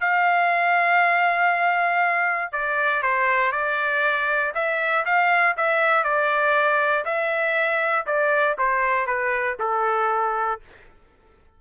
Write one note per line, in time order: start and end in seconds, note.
0.00 2.52 F5
2.52 3.02 D5
3.02 3.51 C5
3.51 4.52 D5
4.54 5.05 E5
5.05 5.56 F5
5.57 6.03 E5
6.03 7.04 D5
7.05 8.06 E5
8.06 8.56 D5
8.58 9.06 C5
9.06 9.57 B4
9.59 10.60 A4